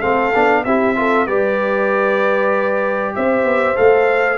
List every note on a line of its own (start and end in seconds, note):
0.00 0.35 A3
0.00 0.33 C4
0.00 0.62 A4
0.00 0.64 F5
0.34 0.65 B3
0.34 0.65 D4
0.64 1.27 C4
0.64 0.95 E4
0.64 0.96 G4
0.64 1.27 E5
0.95 1.27 F4
0.95 1.27 A4
1.27 3.15 G3
1.27 3.75 G4
1.27 3.14 B4
1.27 3.14 D5
3.15 3.44 C4
3.15 4.38 C5
3.15 3.76 E5
3.44 3.75 B3
3.75 4.38 A3
3.75 4.38 A4
3.75 4.38 F5